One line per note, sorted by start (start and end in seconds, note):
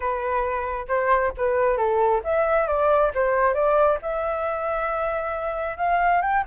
0.00 0.86 B4
0.88 1.32 C5
1.37 1.77 B4
1.77 2.21 A4
2.24 2.67 E5
2.67 3.11 D5
3.14 3.54 C5
3.54 3.98 D5
4.02 5.77 E5
5.77 6.21 F5
6.21 6.43 G5